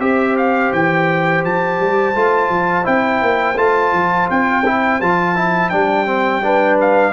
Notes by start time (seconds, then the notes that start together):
0.00 C4 G4 C5 E5
0.37 F5
0.73 E3 G5
1.45 F3 A5
1.81 G3
2.15 A3 F4
2.49 F3
2.84 C4 E4 G5
3.22 A#3
3.57 A3 F4 A5
3.93 F3
4.31 C4 G5
4.66 E4
5.02 F3 F4 A5
5.36 E4
5.70 G3 D4 G5
6.07 C4
6.43 D4 B4
6.81 F5